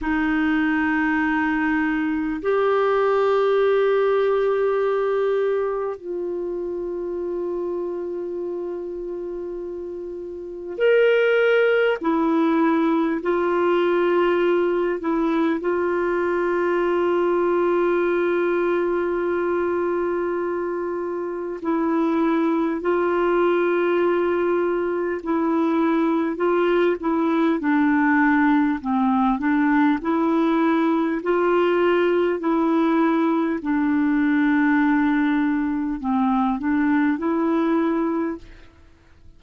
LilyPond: \new Staff \with { instrumentName = "clarinet" } { \time 4/4 \tempo 4 = 50 dis'2 g'2~ | g'4 f'2.~ | f'4 ais'4 e'4 f'4~ | f'8 e'8 f'2.~ |
f'2 e'4 f'4~ | f'4 e'4 f'8 e'8 d'4 | c'8 d'8 e'4 f'4 e'4 | d'2 c'8 d'8 e'4 | }